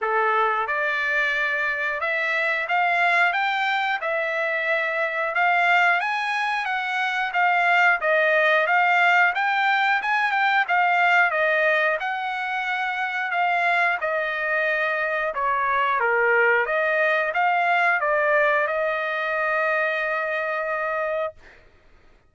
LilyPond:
\new Staff \with { instrumentName = "trumpet" } { \time 4/4 \tempo 4 = 90 a'4 d''2 e''4 | f''4 g''4 e''2 | f''4 gis''4 fis''4 f''4 | dis''4 f''4 g''4 gis''8 g''8 |
f''4 dis''4 fis''2 | f''4 dis''2 cis''4 | ais'4 dis''4 f''4 d''4 | dis''1 | }